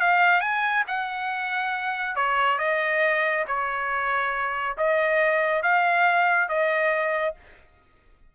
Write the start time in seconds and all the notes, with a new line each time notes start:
0.00 F5
0.41 G#5
0.88 F#5
2.16 C#5
2.59 D#5
3.48 C#5
4.78 D#5
5.63 F5
6.49 D#5